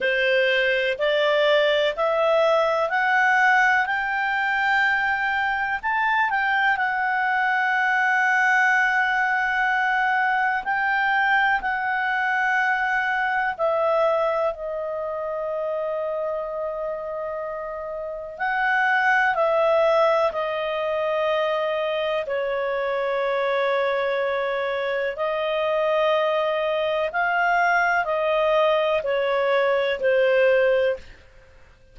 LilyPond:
\new Staff \with { instrumentName = "clarinet" } { \time 4/4 \tempo 4 = 62 c''4 d''4 e''4 fis''4 | g''2 a''8 g''8 fis''4~ | fis''2. g''4 | fis''2 e''4 dis''4~ |
dis''2. fis''4 | e''4 dis''2 cis''4~ | cis''2 dis''2 | f''4 dis''4 cis''4 c''4 | }